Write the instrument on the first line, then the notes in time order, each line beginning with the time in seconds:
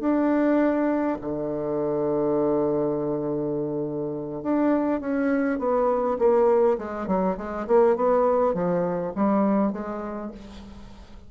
bassoon
0.00 D4
1.21 D3
4.43 D4
5.00 C#4
5.59 B3
6.19 A#3
6.78 G#3
7.07 F#3
7.37 G#3
7.67 A#3
7.96 B3
8.54 F3
9.15 G3
9.72 G#3